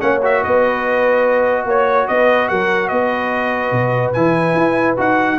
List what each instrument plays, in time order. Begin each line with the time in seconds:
0.00 tuba A#3, trombone C#4, horn C#5, trumpet F#5
0.23 trombone F#4, trumpet E5
0.42 tuba B3, horn B4, trumpet D#5
1.66 tuba A#3, horn C#5, trumpet C#5
2.08 tuba B3, horn B4, trumpet D#5
2.49 tuba F#3, horn A#4, trumpet F#5
2.88 tuba B3, horn B4, trumpet D#5
3.72 tuba B2
4.13 tuba E3, trombone E4, trumpet G#5
4.55 tuba E4
4.97 tuba D#4, trombone F#4, trumpet F#5